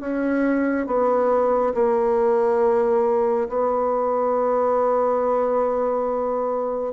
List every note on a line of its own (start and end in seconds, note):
0.00 0.87 C#4
0.87 1.74 B3
1.74 3.48 A#3
3.49 6.93 B3